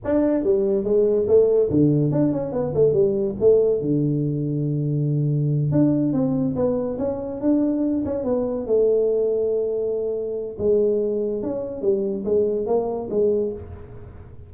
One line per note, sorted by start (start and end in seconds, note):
0.04 0.43 D4
0.43 0.84 G3
0.84 1.26 G#3
1.27 1.69 A3
1.70 2.11 D3
2.11 2.32 D4
2.32 2.52 C#4
2.52 2.73 B3
2.74 2.93 A3
2.93 3.35 G3
3.40 3.81 A3
3.81 5.71 D3
5.71 6.13 D4
6.13 6.55 C4
6.55 6.97 B3
6.98 7.40 C#4
7.41 8.04 D4
8.05 8.24 C#4
8.24 8.66 B3
8.66 10.56 A3
10.58 11.42 G#3
11.42 11.81 C#4
11.81 12.24 G3
12.25 12.66 G#3
12.66 13.09 A#3
13.10 13.52 G#3